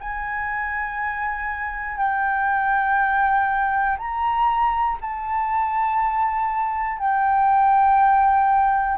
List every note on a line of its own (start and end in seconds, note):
0.00 1.97 G#5
1.97 3.97 G5
3.98 4.98 A#5
5.00 6.98 A5
6.98 8.97 G5